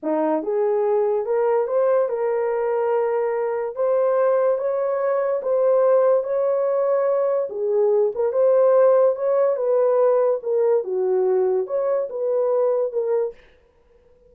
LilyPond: \new Staff \with { instrumentName = "horn" } { \time 4/4 \tempo 4 = 144 dis'4 gis'2 ais'4 | c''4 ais'2.~ | ais'4 c''2 cis''4~ | cis''4 c''2 cis''4~ |
cis''2 gis'4. ais'8 | c''2 cis''4 b'4~ | b'4 ais'4 fis'2 | cis''4 b'2 ais'4 | }